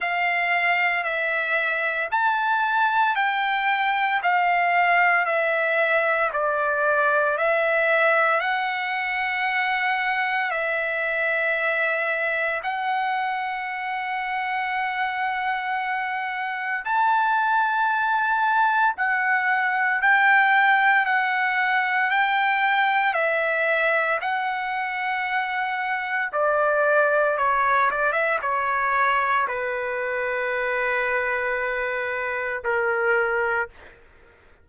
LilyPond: \new Staff \with { instrumentName = "trumpet" } { \time 4/4 \tempo 4 = 57 f''4 e''4 a''4 g''4 | f''4 e''4 d''4 e''4 | fis''2 e''2 | fis''1 |
a''2 fis''4 g''4 | fis''4 g''4 e''4 fis''4~ | fis''4 d''4 cis''8 d''16 e''16 cis''4 | b'2. ais'4 | }